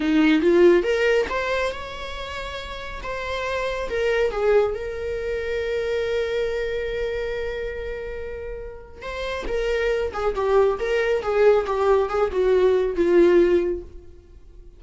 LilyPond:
\new Staff \with { instrumentName = "viola" } { \time 4/4 \tempo 4 = 139 dis'4 f'4 ais'4 c''4 | cis''2. c''4~ | c''4 ais'4 gis'4 ais'4~ | ais'1~ |
ais'1~ | ais'4 c''4 ais'4. gis'8 | g'4 ais'4 gis'4 g'4 | gis'8 fis'4. f'2 | }